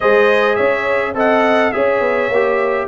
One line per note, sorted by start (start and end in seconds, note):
0.00 0.59 G#3
0.00 1.14 G#4
0.00 0.56 C5
0.00 0.55 D#5
0.55 1.14 C#4
0.55 1.14 C#5
0.55 1.13 E5
1.14 1.71 C4
1.14 1.72 A4
1.14 1.73 D#5
1.14 1.72 F#5
1.72 2.00 C#4
1.72 2.30 G#4
1.72 2.87 C#5
1.72 2.87 E5
2.00 2.29 B3
2.29 2.87 A#3
2.29 2.87 G4